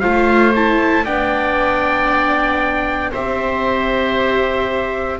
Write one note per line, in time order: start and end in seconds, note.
0.00 1.05 A3
0.00 0.53 F4
0.00 1.04 C5
0.00 0.52 F5
0.55 1.06 E4
0.55 1.05 A5
1.04 3.12 B3
1.04 3.13 D4
1.04 3.11 D5
1.04 3.12 G5
3.11 5.20 C4
3.11 5.20 G4
3.11 5.18 C5
3.11 5.20 E5